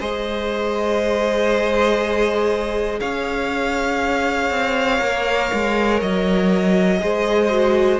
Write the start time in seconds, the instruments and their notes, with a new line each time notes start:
0.00 cello G#3, viola G#4, violin C5 D#5
3.00 cello C#4, violin C#5 F5
4.51 cello C4
4.99 cello A#3, viola A#4
5.54 cello G#3
6.01 cello F#3, violin D#5
6.99 cello G#3, viola G#4, violin C5
7.50 viola F#4